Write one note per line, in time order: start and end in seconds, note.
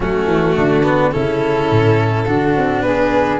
0.00 0.27 F#3
0.00 0.83 A3
0.00 0.55 C#4
0.00 1.11 F#4
0.27 0.55 E3
0.56 1.14 D3
0.56 1.12 D4
0.83 1.11 B3
1.11 1.70 C#3
1.11 2.24 C#4
1.11 2.25 E4
1.11 2.81 A4
1.70 2.27 A2
2.25 2.55 D3
2.25 3.40 D4
2.25 2.82 F#4
2.56 2.81 C4
2.81 3.38 B3
2.81 3.40 G#4
2.81 3.38 B4